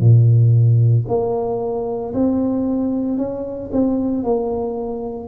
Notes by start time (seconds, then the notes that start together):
0.00 A#2
1.08 A#3
2.14 C4
3.18 C#4
3.73 C4
4.24 A#3